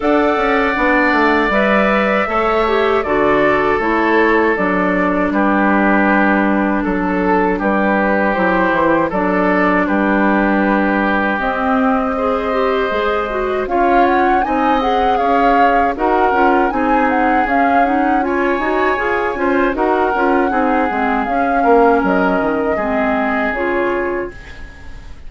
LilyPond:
<<
  \new Staff \with { instrumentName = "flute" } { \time 4/4 \tempo 4 = 79 fis''2 e''2 | d''4 cis''4 d''4 b'4~ | b'4 a'4 b'4 c''4 | d''4 b'2 dis''4~ |
dis''2 f''8 fis''8 gis''8 fis''8 | f''4 fis''4 gis''8 fis''8 f''8 fis''8 | gis''2 fis''2 | f''4 dis''2 cis''4 | }
  \new Staff \with { instrumentName = "oboe" } { \time 4/4 d''2. cis''4 | a'2. g'4~ | g'4 a'4 g'2 | a'4 g'2. |
c''2 cis''4 dis''4 | cis''4 ais'4 gis'2 | cis''4. c''8 ais'4 gis'4~ | gis'8 ais'4. gis'2 | }
  \new Staff \with { instrumentName = "clarinet" } { \time 4/4 a'4 d'4 b'4 a'8 g'8 | fis'4 e'4 d'2~ | d'2. e'4 | d'2. c'4 |
gis'8 g'8 gis'8 fis'8 f'4 dis'8 gis'8~ | gis'4 fis'8 f'8 dis'4 cis'8 dis'8 | f'8 fis'8 gis'8 f'8 fis'8 f'8 dis'8 c'8 | cis'2 c'4 f'4 | }
  \new Staff \with { instrumentName = "bassoon" } { \time 4/4 d'8 cis'8 b8 a8 g4 a4 | d4 a4 fis4 g4~ | g4 fis4 g4 fis8 e8 | fis4 g2 c'4~ |
c'4 gis4 cis'4 c'4 | cis'4 dis'8 cis'8 c'4 cis'4~ | cis'8 dis'8 f'8 cis'8 dis'8 cis'8 c'8 gis8 | cis'8 ais8 fis8 dis8 gis4 cis4 | }
>>